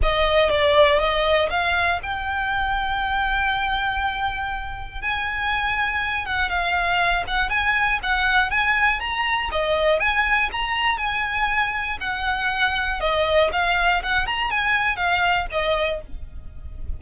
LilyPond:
\new Staff \with { instrumentName = "violin" } { \time 4/4 \tempo 4 = 120 dis''4 d''4 dis''4 f''4 | g''1~ | g''2 gis''2~ | gis''8 fis''8 f''4. fis''8 gis''4 |
fis''4 gis''4 ais''4 dis''4 | gis''4 ais''4 gis''2 | fis''2 dis''4 f''4 | fis''8 ais''8 gis''4 f''4 dis''4 | }